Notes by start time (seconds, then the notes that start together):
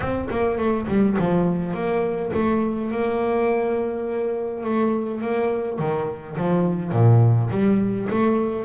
0.00 C4
0.30 A#3
0.58 A3
0.88 G3
1.18 F3
1.74 A#3
2.33 A3
2.91 A#3
4.63 A3
5.21 A#3
5.78 D#3
6.36 F3
6.92 A#2
7.50 G3
8.09 A3